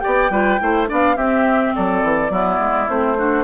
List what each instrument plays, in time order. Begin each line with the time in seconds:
0.00 bassoon B3, clarinet G4, oboe D5, flute G5
0.30 bassoon G3, clarinet F4, oboe B4
0.60 bassoon A3, clarinet E4, oboe C5
0.87 bassoon B3, clarinet D4, oboe D5
0.93 flute F5
1.17 bassoon C4, clarinet C4, oboe G4, flute E5
1.75 bassoon F#3, oboe A4, flute D5
2.03 bassoon E3
2.30 bassoon F#3, clarinet B3, oboe E4
2.59 bassoon G#3
2.88 bassoon A3, clarinet C4, flute C5
3.17 clarinet D4, oboe F#4